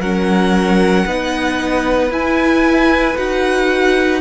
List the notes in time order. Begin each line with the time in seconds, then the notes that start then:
0.00 F#3 C#4 A#4 F#5
1.06 B3 D#4 B4
2.10 E4 G#5
3.16 D#4 F#4 F#5